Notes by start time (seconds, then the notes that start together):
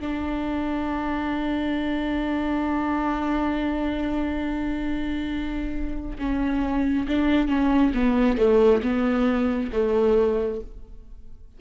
0.00 D4
6.18 C#4
7.08 D4
7.48 C#4
7.94 B3
8.38 A3
8.82 B3
9.73 A3